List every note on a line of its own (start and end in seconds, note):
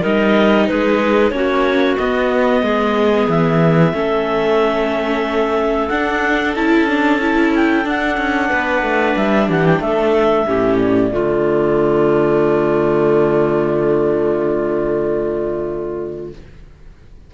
0.00 0.69 G3
0.00 1.31 D#4
0.00 0.65 A#4
0.00 0.67 D#5
0.67 1.31 G#3
0.67 1.34 G#4
0.67 1.30 B4
1.30 1.96 A#3
1.30 1.96 C#4
1.30 2.62 F#4
1.30 1.95 C#5
1.96 2.62 B3
1.96 3.93 B3
1.96 3.27 D#5
2.62 3.27 G#3
2.62 3.93 G#4
3.28 3.93 E3
3.28 5.88 E5
3.93 5.89 A3
3.93 5.89 C#4
3.93 8.48 A4
5.88 6.55 D4
5.88 6.56 D4
5.88 6.53 F#5
6.55 7.85 C#4
6.55 6.88 E4
6.55 7.53 A5
6.88 7.20 D4
7.21 7.85 E4
7.55 7.87 G5
7.85 10.45 D4
7.85 8.17 D4
7.85 9.16 F#5
8.17 8.49 C#4
8.48 8.82 B3
8.48 9.46 B4
8.82 9.15 A3
9.16 9.48 G3
9.16 9.49 E5
9.47 9.80 E3
9.47 9.80 G4
9.47 9.65 F#5
9.65 9.81 G5
9.80 10.45 A3
9.80 10.46 A4
9.80 10.77 E5
10.46 11.11 A2
10.46 11.11 C#4
10.46 11.11 G4
10.77 16.32 D5
11.11 16.33 D3
11.11 16.33 A3
11.11 16.33 F4